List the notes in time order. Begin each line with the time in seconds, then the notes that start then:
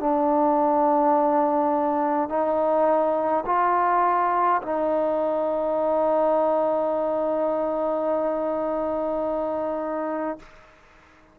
0.00 D4
2.29 D#4
3.46 F4
4.63 D#4